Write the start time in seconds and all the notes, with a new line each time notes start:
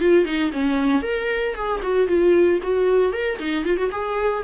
0.00 F4
0.25 D#4
0.52 C#4
1.02 A#4
1.54 G#4
1.82 F#4
2.07 F4
2.62 F#4
3.12 A#4
3.38 D#4
3.65 F4
3.77 F#4
3.91 G#4